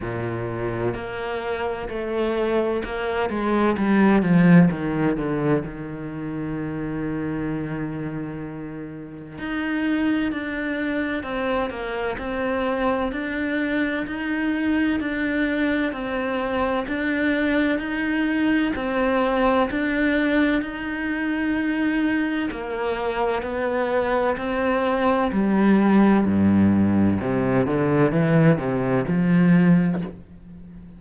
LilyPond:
\new Staff \with { instrumentName = "cello" } { \time 4/4 \tempo 4 = 64 ais,4 ais4 a4 ais8 gis8 | g8 f8 dis8 d8 dis2~ | dis2 dis'4 d'4 | c'8 ais8 c'4 d'4 dis'4 |
d'4 c'4 d'4 dis'4 | c'4 d'4 dis'2 | ais4 b4 c'4 g4 | g,4 c8 d8 e8 c8 f4 | }